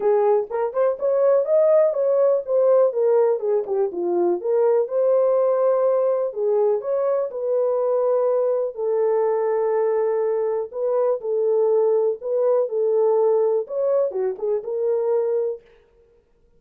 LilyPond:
\new Staff \with { instrumentName = "horn" } { \time 4/4 \tempo 4 = 123 gis'4 ais'8 c''8 cis''4 dis''4 | cis''4 c''4 ais'4 gis'8 g'8 | f'4 ais'4 c''2~ | c''4 gis'4 cis''4 b'4~ |
b'2 a'2~ | a'2 b'4 a'4~ | a'4 b'4 a'2 | cis''4 fis'8 gis'8 ais'2 | }